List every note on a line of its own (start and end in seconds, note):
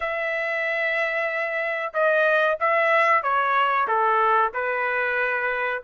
0.00 1.93 E5
1.93 2.58 D#5
2.60 3.23 E5
3.23 3.87 C#5
3.87 4.52 A4
4.53 5.82 B4